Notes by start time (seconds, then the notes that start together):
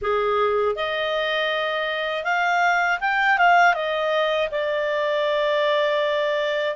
0.01 G#4
0.75 D#5
2.24 F5
3.00 G5
3.38 F5
3.74 D#5
4.51 D5